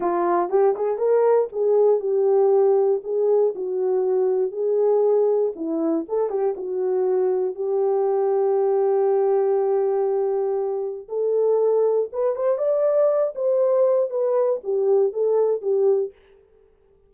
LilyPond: \new Staff \with { instrumentName = "horn" } { \time 4/4 \tempo 4 = 119 f'4 g'8 gis'8 ais'4 gis'4 | g'2 gis'4 fis'4~ | fis'4 gis'2 e'4 | a'8 g'8 fis'2 g'4~ |
g'1~ | g'2 a'2 | b'8 c''8 d''4. c''4. | b'4 g'4 a'4 g'4 | }